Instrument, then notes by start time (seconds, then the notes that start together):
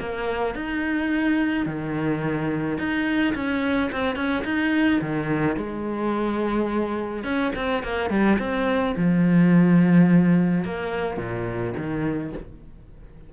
cello
0.00 A#3
0.55 D#4
1.66 D#3
2.78 D#4
3.35 C#4
3.92 C4
4.16 C#4
4.45 D#4
5.02 D#3
5.57 G#3
7.24 C#4
7.56 C4
7.83 A#3
8.10 G3
8.39 C4
8.97 F3
10.65 A#3
11.18 A#2
11.78 D#3